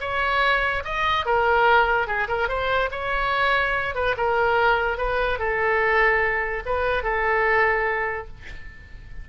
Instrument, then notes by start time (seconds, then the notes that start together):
oboe
0.00 C#5
0.84 D#5
1.25 A#4
2.07 G#4
2.27 A#4
2.48 C5
2.91 C#5
3.95 B4
4.17 A#4
4.97 B4
5.38 A4
6.65 B4
7.03 A4